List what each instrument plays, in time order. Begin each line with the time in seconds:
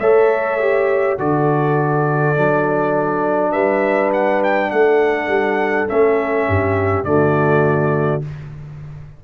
0.00 tuba A3, trombone A4, horn C#5, trumpet E5
0.60 trombone G4
1.19 tuba D3, trombone F#4, horn A4, trumpet D5
2.36 tuba F#3, trombone D4
3.52 tuba G3, horn B4, trumpet E5
4.13 trumpet F#5
4.44 trumpet G5
4.71 tuba A3, horn A4, trumpet F#5
5.28 tuba G3
5.88 tuba A3, trombone C#4, trumpet E5
6.48 tuba G2, horn G4
7.04 tuba D3, trombone A3, horn F#4, trumpet D5